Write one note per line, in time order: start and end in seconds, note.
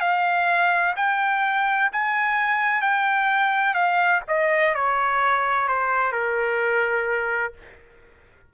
0.00 0.94 F5
0.96 1.90 G5
1.92 2.81 G#5
2.81 3.74 G5
3.74 4.21 F5
4.27 4.74 D#5
4.74 5.68 C#5
5.68 6.12 C5
6.12 7.53 A#4